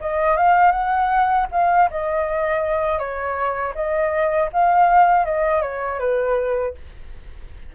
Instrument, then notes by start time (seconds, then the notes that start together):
flute
0.00 D#5
0.36 F5
0.71 F#5
1.51 F5
1.90 D#5
2.98 C#5
3.74 D#5
4.52 F5
5.25 D#5
5.61 C#5
5.99 B4